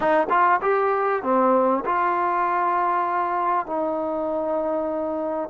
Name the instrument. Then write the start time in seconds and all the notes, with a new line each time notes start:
trombone
0.00 D#4
0.29 F4
0.61 G4
1.22 C4
1.85 F4
3.66 D#4